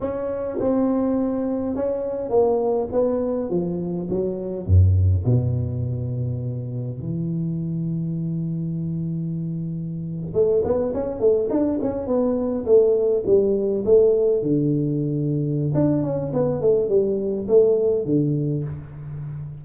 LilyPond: \new Staff \with { instrumentName = "tuba" } { \time 4/4 \tempo 4 = 103 cis'4 c'2 cis'4 | ais4 b4 f4 fis4 | fis,4 b,2. | e1~ |
e4.~ e16 a8 b8 cis'8 a8 d'16~ | d'16 cis'8 b4 a4 g4 a16~ | a8. d2~ d16 d'8 cis'8 | b8 a8 g4 a4 d4 | }